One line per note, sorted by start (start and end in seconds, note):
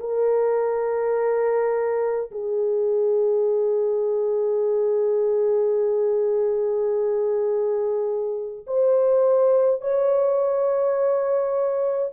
0.00 2.31 A#4
2.31 8.66 G#4
8.67 9.82 C5
9.82 12.13 C#5